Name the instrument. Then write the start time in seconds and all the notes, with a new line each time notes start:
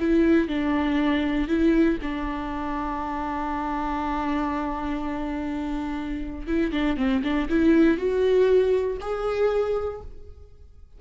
viola
0.00 E4
0.48 D4
1.49 E4
2.02 D4
6.47 E4
6.72 D4
6.97 C4
7.24 D4
7.50 E4
7.98 F#4
9.01 G#4